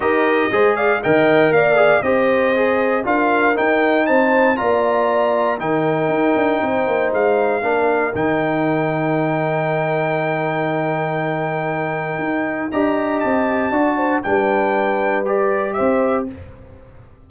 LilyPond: <<
  \new Staff \with { instrumentName = "trumpet" } { \time 4/4 \tempo 4 = 118 dis''4. f''8 g''4 f''4 | dis''2 f''4 g''4 | a''4 ais''2 g''4~ | g''2 f''2 |
g''1~ | g''1~ | g''4 ais''4 a''2 | g''2 d''4 e''4 | }
  \new Staff \with { instrumentName = "horn" } { \time 4/4 ais'4 c''8 d''8 dis''4 d''4 | c''2 ais'2 | c''4 d''2 ais'4~ | ais'4 c''2 ais'4~ |
ais'1~ | ais'1~ | ais'4 dis''2 d''8 c''8 | b'2. c''4 | }
  \new Staff \with { instrumentName = "trombone" } { \time 4/4 g'4 gis'4 ais'4. gis'8 | g'4 gis'4 f'4 dis'4~ | dis'4 f'2 dis'4~ | dis'2. d'4 |
dis'1~ | dis'1~ | dis'4 g'2 fis'4 | d'2 g'2 | }
  \new Staff \with { instrumentName = "tuba" } { \time 4/4 dis'4 gis4 dis4 ais4 | c'2 d'4 dis'4 | c'4 ais2 dis4 | dis'8 d'8 c'8 ais8 gis4 ais4 |
dis1~ | dis1 | dis'4 d'4 c'4 d'4 | g2. c'4 | }
>>